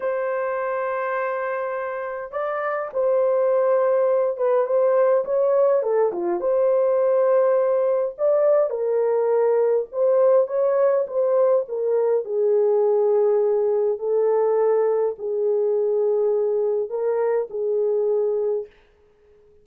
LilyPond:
\new Staff \with { instrumentName = "horn" } { \time 4/4 \tempo 4 = 103 c''1 | d''4 c''2~ c''8 b'8 | c''4 cis''4 a'8 f'8 c''4~ | c''2 d''4 ais'4~ |
ais'4 c''4 cis''4 c''4 | ais'4 gis'2. | a'2 gis'2~ | gis'4 ais'4 gis'2 | }